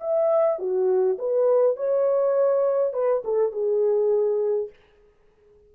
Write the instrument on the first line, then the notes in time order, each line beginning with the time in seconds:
horn
0.00 E5
0.59 F#4
1.18 B4
1.76 C#5
2.93 B4
3.24 A4
3.52 G#4